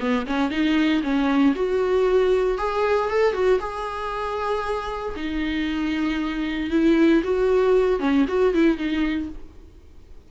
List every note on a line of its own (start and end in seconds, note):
0.00 0.26 B3
0.26 0.50 C#4
0.50 1.02 D#4
1.03 1.55 C#4
1.55 2.58 F#4
2.58 3.10 G#4
3.10 3.33 A4
3.33 3.59 F#4
3.60 5.15 G#4
5.16 6.71 D#4
6.71 7.22 E4
7.24 8.00 F#4
8.00 8.26 C#4
8.28 8.54 F#4
8.54 8.77 E4
8.77 9.29 D#4